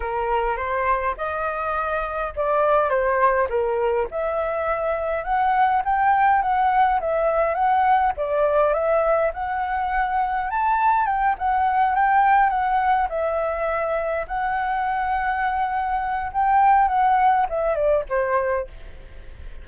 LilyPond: \new Staff \with { instrumentName = "flute" } { \time 4/4 \tempo 4 = 103 ais'4 c''4 dis''2 | d''4 c''4 ais'4 e''4~ | e''4 fis''4 g''4 fis''4 | e''4 fis''4 d''4 e''4 |
fis''2 a''4 g''8 fis''8~ | fis''8 g''4 fis''4 e''4.~ | e''8 fis''2.~ fis''8 | g''4 fis''4 e''8 d''8 c''4 | }